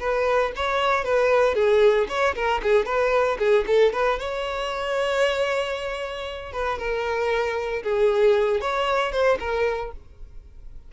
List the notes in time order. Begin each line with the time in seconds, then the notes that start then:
0.00 B4
0.56 C#5
1.05 B4
1.55 G#4
2.09 C#5
2.35 A#4
2.63 G#4
2.86 B4
3.39 G#4
3.67 A4
3.93 B4
4.20 C#5
6.53 B4
6.79 A#4
7.84 G#4
8.61 C#5
9.12 C5
9.40 A#4